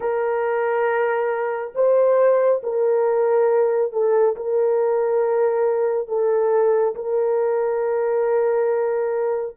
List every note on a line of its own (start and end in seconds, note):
0.00 1.72 A#4
1.74 2.61 C5
2.63 3.92 A#4
3.92 4.35 A4
4.36 6.08 A#4
6.08 6.94 A4
6.95 9.56 A#4